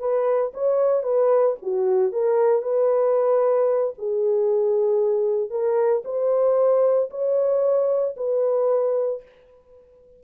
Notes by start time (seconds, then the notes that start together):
0.00 B4
0.54 C#5
1.03 B4
1.63 F#4
2.13 A#4
2.63 B4
3.99 G#4
5.50 A#4
6.05 C5
7.11 C#5
8.17 B4